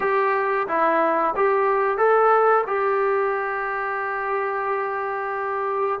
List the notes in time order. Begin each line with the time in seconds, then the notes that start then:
0.00 G4
0.67 E4
1.35 G4
1.97 A4
2.66 G4